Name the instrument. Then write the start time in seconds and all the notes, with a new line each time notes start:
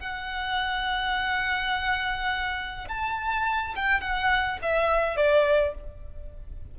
violin
0.00 F#5
2.89 A5
3.76 G5
4.01 F#5
4.63 E5
5.17 D5